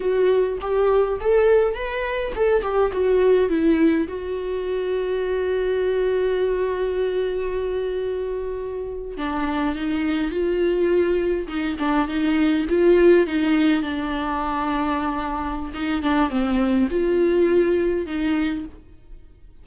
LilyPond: \new Staff \with { instrumentName = "viola" } { \time 4/4 \tempo 4 = 103 fis'4 g'4 a'4 b'4 | a'8 g'8 fis'4 e'4 fis'4~ | fis'1~ | fis'2.~ fis'8. d'16~ |
d'8. dis'4 f'2 dis'16~ | dis'16 d'8 dis'4 f'4 dis'4 d'16~ | d'2. dis'8 d'8 | c'4 f'2 dis'4 | }